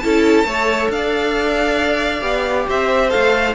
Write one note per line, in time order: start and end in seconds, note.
0.00 0.45 C#4
0.00 0.46 E4
0.00 0.48 A4
0.00 0.88 A5
0.45 0.89 A3
0.45 2.22 A4
0.45 0.92 C#5
0.90 2.22 D4
0.90 2.68 D5
0.90 2.69 F5
2.22 2.66 B3
2.22 3.10 G4
2.68 3.14 C4
2.68 3.56 C5
2.68 3.11 E5
3.10 3.56 A3
3.10 3.54 A4
3.10 3.55 F5